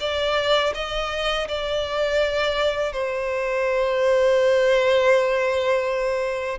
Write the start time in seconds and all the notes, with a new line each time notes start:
0.00 D5
0.74 D#5
1.48 D5
2.92 C5